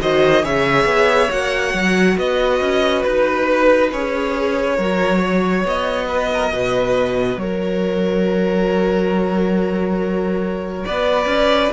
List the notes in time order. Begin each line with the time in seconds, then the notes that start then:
0.00 D#3 F#4 C5 D#5
0.43 C#3 G#4 C#5 E5
0.85 B3
1.29 A#3 F#4 F#5
1.74 F#3
2.18 B3 B4 D#5
2.61 C#4
3.03 D#4 B4
3.92 C#4 G#4 C#5
4.76 F#3 F#4 A#4
5.19 C#5
5.64 B3 D#5
6.09 B4
6.34 A#4
6.52 B2 B4
7.36 F#3 A#4 C#5
10.86 B3 B4 D5
11.26 C#4